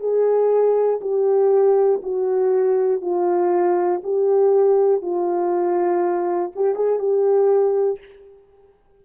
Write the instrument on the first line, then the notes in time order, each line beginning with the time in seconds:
horn
0.00 G#4
1.01 G4
2.03 F#4
3.01 F4
4.03 G4
5.01 F4
6.55 G4
6.75 G#4
6.99 G4